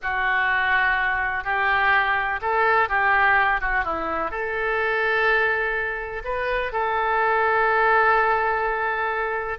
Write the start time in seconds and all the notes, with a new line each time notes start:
0.02 F#4
1.44 G4
2.41 A4
2.88 G4
3.60 F#4
3.84 E4
4.30 A4
6.24 B4
6.72 A4